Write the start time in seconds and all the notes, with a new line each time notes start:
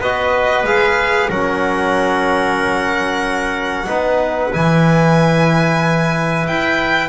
0.00 B3 F#4 B4 D#5
0.63 G#3 G#4 F5
1.29 F#3 C#4 A#4 F#5
3.86 B3 D#4 B4
4.53 E3 E4 G#5
6.47 E4 G5